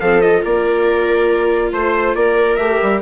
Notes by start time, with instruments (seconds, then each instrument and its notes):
0.00 bassoon F3, viola C4 A4, trumpet F5
0.21 viola F4, trumpet D#5
0.43 bassoon A#3, viola A#4, trumpet D5
1.72 bassoon A3, trumpet C5, viola C5
2.15 bassoon A#3, viola A#4, trumpet D5
2.56 bassoon A3, viola G4, trumpet E5
2.82 bassoon G3